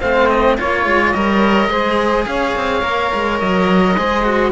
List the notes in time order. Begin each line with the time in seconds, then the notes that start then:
0.00 A3 C4 C5 F5
0.29 D#5
0.58 A#3 F4 C#5
0.86 G#3
1.11 G3 A#4 D#5
1.69 G#3 G#4 C5
2.26 C#4 C#5 F5
2.56 C4
2.82 A#3 A#4
3.14 G#3
3.40 F#3 D#5
3.97 G#3 G#4 C5
4.24 F#4